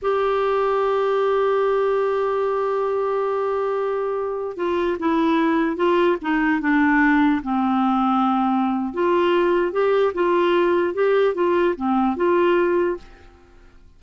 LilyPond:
\new Staff \with { instrumentName = "clarinet" } { \time 4/4 \tempo 4 = 148 g'1~ | g'1~ | g'2.~ g'16 f'8.~ | f'16 e'2 f'4 dis'8.~ |
dis'16 d'2 c'4.~ c'16~ | c'2 f'2 | g'4 f'2 g'4 | f'4 c'4 f'2 | }